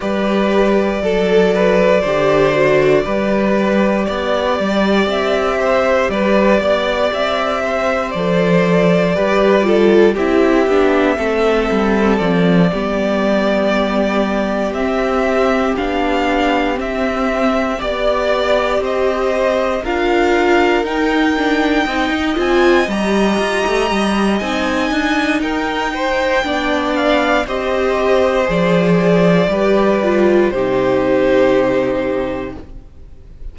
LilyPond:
<<
  \new Staff \with { instrumentName = "violin" } { \time 4/4 \tempo 4 = 59 d''1~ | d''4 e''4 d''4 e''4 | d''2 e''2 | d''2~ d''8 e''4 f''8~ |
f''8 e''4 d''4 dis''4 f''8~ | f''8 g''4. gis''8 ais''4. | gis''4 g''4. f''8 dis''4 | d''2 c''2 | }
  \new Staff \with { instrumentName = "violin" } { \time 4/4 b'4 a'8 b'8 c''4 b'4 | d''4. c''8 b'8 d''4 c''8~ | c''4 b'8 a'8 g'4 a'4~ | a'8 g'2.~ g'8~ |
g'4. d''4 c''4 ais'8~ | ais'4. dis''2~ dis''8~ | dis''4 ais'8 c''8 d''4 c''4~ | c''4 b'4 g'2 | }
  \new Staff \with { instrumentName = "viola" } { \time 4/4 g'4 a'4 g'8 fis'8 g'4~ | g'1 | a'4 g'8 f'8 e'8 d'8 c'4~ | c'8 b2 c'4 d'8~ |
d'8 c'4 g'2 f'8~ | f'8 dis'8 d'8 dis'8 f'8 g'4. | dis'2 d'4 g'4 | gis'4 g'8 f'8 dis'2 | }
  \new Staff \with { instrumentName = "cello" } { \time 4/4 g4 fis4 d4 g4 | b8 g8 c'4 g8 b8 c'4 | f4 g4 c'8 b8 a8 g8 | f8 g2 c'4 b8~ |
b8 c'4 b4 c'4 d'8~ | d'8 dis'4 c'16 dis'16 c'8 g8 f'16 a16 g8 | c'8 d'8 dis'4 b4 c'4 | f4 g4 c2 | }
>>